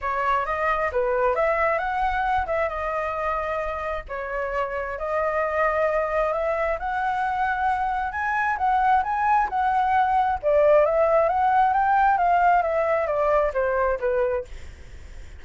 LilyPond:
\new Staff \with { instrumentName = "flute" } { \time 4/4 \tempo 4 = 133 cis''4 dis''4 b'4 e''4 | fis''4. e''8 dis''2~ | dis''4 cis''2 dis''4~ | dis''2 e''4 fis''4~ |
fis''2 gis''4 fis''4 | gis''4 fis''2 d''4 | e''4 fis''4 g''4 f''4 | e''4 d''4 c''4 b'4 | }